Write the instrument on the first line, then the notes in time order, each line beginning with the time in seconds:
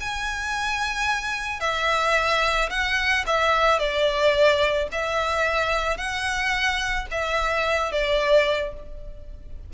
violin
0.00 G#5
1.60 E5
2.70 F#5
3.27 E5
3.79 D5
4.91 E5
5.97 F#5
7.11 E5
7.91 D5